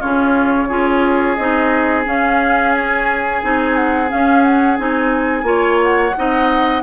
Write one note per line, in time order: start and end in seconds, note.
0.00 0.70 C#3
0.00 0.69 C#4
0.00 0.68 F4
0.00 1.35 C#5
0.68 1.38 C#4
0.68 1.37 F4
0.68 5.46 G#4
1.35 2.07 C4
1.35 2.05 D#4
1.35 2.03 D#5
2.05 3.42 C#4
2.05 3.43 C#4
2.05 2.74 F5
2.74 3.76 G#5
3.42 4.12 C4
3.42 4.09 D#4
3.76 4.10 F#5
4.09 4.77 C#4
4.09 4.79 C#4
4.09 4.43 F5
4.43 4.77 F#5
4.77 5.43 C4
4.77 5.44 D#4
4.77 5.80 G#5
5.43 6.11 A#3
5.43 6.12 F4
5.43 6.16 C#5
5.83 6.83 F#5
6.18 6.83 C4
6.18 6.83 D#4
6.18 6.83 D#5